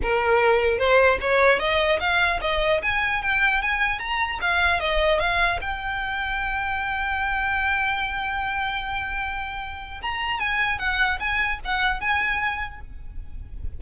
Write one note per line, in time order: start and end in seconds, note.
0.02 0.78 A#4
0.78 1.18 C5
1.20 1.59 C#5
1.59 1.99 D#5
2.00 2.40 F5
2.41 2.81 D#5
2.82 3.22 G#5
3.22 3.62 G5
3.62 3.99 G#5
3.99 4.39 A#5
4.41 4.79 F5
4.79 5.19 D#5
5.19 5.59 F5
5.61 10.01 G5
10.01 10.39 A#5
10.39 10.79 G#5
10.79 11.19 F#5
11.19 11.59 G#5
11.64 12.00 F#5
12.00 12.80 G#5